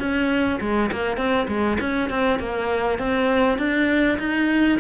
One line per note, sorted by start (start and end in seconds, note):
0.00 0.60 C#4
0.61 0.91 G#3
0.92 1.18 A#3
1.18 1.48 C4
1.48 1.78 G#3
1.81 2.10 C#4
2.10 2.40 C4
2.40 2.99 A#3
2.99 3.59 C4
3.59 4.19 D4
4.19 4.79 D#4